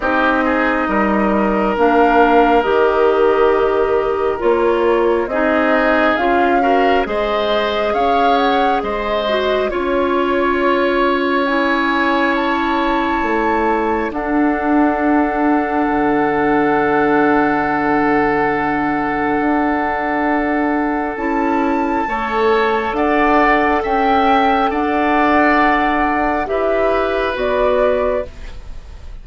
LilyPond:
<<
  \new Staff \with { instrumentName = "flute" } { \time 4/4 \tempo 4 = 68 dis''2 f''4 dis''4~ | dis''4 cis''4 dis''4 f''4 | dis''4 f''8 fis''8 dis''4 cis''4~ | cis''4 gis''4 a''2 |
fis''1~ | fis''1 | a''2 fis''4 g''4 | fis''2 e''4 d''4 | }
  \new Staff \with { instrumentName = "oboe" } { \time 4/4 g'8 gis'8 ais'2.~ | ais'2 gis'4. ais'8 | c''4 cis''4 c''4 cis''4~ | cis''1 |
a'1~ | a'1~ | a'4 cis''4 d''4 e''4 | d''2 b'2 | }
  \new Staff \with { instrumentName = "clarinet" } { \time 4/4 dis'2 d'4 g'4~ | g'4 f'4 dis'4 f'8 fis'8 | gis'2~ gis'8 fis'8 f'4~ | f'4 e'2. |
d'1~ | d'1 | e'4 a'2.~ | a'2 g'4 fis'4 | }
  \new Staff \with { instrumentName = "bassoon" } { \time 4/4 c'4 g4 ais4 dis4~ | dis4 ais4 c'4 cis'4 | gis4 cis'4 gis4 cis'4~ | cis'2. a4 |
d'2 d2~ | d2 d'2 | cis'4 a4 d'4 cis'4 | d'2 e'4 b4 | }
>>